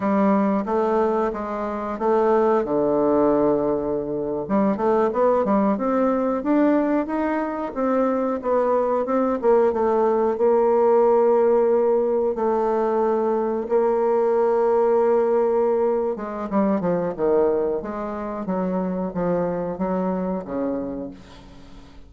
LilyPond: \new Staff \with { instrumentName = "bassoon" } { \time 4/4 \tempo 4 = 91 g4 a4 gis4 a4 | d2~ d8. g8 a8 b16~ | b16 g8 c'4 d'4 dis'4 c'16~ | c'8. b4 c'8 ais8 a4 ais16~ |
ais2~ ais8. a4~ a16~ | a8. ais2.~ ais16~ | ais8 gis8 g8 f8 dis4 gis4 | fis4 f4 fis4 cis4 | }